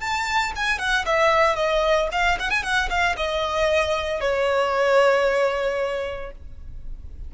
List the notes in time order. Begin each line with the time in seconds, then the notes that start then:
0.00 A5
0.56 G#5
0.79 F#5
1.06 E5
1.56 D#5
2.12 F5
2.39 F#5
2.50 G#5
2.63 F#5
2.89 F5
3.17 D#5
4.21 C#5